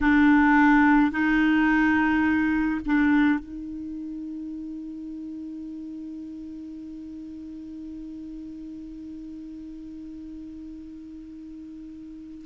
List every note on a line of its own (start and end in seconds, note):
0.01 1.11 D4
1.11 2.80 D#4
2.86 3.39 D4
3.39 12.45 D#4